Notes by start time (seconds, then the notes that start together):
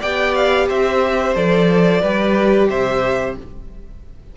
0.00 B3 G4 D5 G5
0.35 F5
0.68 C4 C5 E5
1.35 F3 A4 D5
2.01 G3 G4 B4
2.69 C3 C5 E5